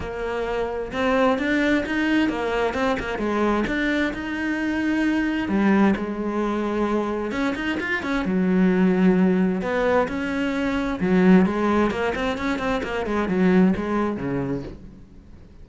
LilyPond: \new Staff \with { instrumentName = "cello" } { \time 4/4 \tempo 4 = 131 ais2 c'4 d'4 | dis'4 ais4 c'8 ais8 gis4 | d'4 dis'2. | g4 gis2. |
cis'8 dis'8 f'8 cis'8 fis2~ | fis4 b4 cis'2 | fis4 gis4 ais8 c'8 cis'8 c'8 | ais8 gis8 fis4 gis4 cis4 | }